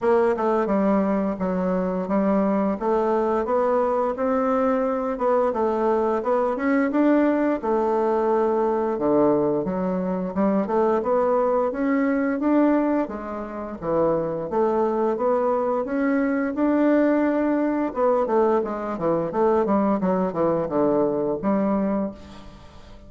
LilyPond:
\new Staff \with { instrumentName = "bassoon" } { \time 4/4 \tempo 4 = 87 ais8 a8 g4 fis4 g4 | a4 b4 c'4. b8 | a4 b8 cis'8 d'4 a4~ | a4 d4 fis4 g8 a8 |
b4 cis'4 d'4 gis4 | e4 a4 b4 cis'4 | d'2 b8 a8 gis8 e8 | a8 g8 fis8 e8 d4 g4 | }